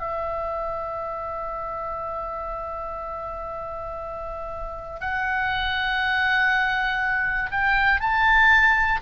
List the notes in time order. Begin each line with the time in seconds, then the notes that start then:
0.00 E5
5.00 F#5
7.51 G5
8.00 A5